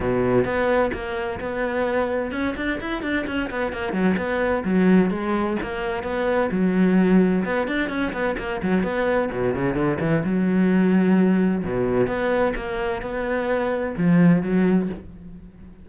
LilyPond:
\new Staff \with { instrumentName = "cello" } { \time 4/4 \tempo 4 = 129 b,4 b4 ais4 b4~ | b4 cis'8 d'8 e'8 d'8 cis'8 b8 | ais8 fis8 b4 fis4 gis4 | ais4 b4 fis2 |
b8 d'8 cis'8 b8 ais8 fis8 b4 | b,8 cis8 d8 e8 fis2~ | fis4 b,4 b4 ais4 | b2 f4 fis4 | }